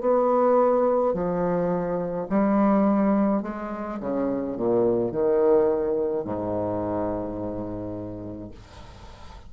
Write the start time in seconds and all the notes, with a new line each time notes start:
0.00 B3
1.13 F3
2.29 G3
3.42 G#3
4.00 C#3
4.56 A#2
5.11 D#3
6.24 G#2